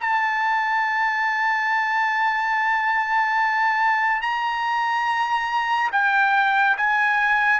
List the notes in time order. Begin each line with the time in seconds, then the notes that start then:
0.00 A5
4.21 A#5
5.92 G5
6.77 G#5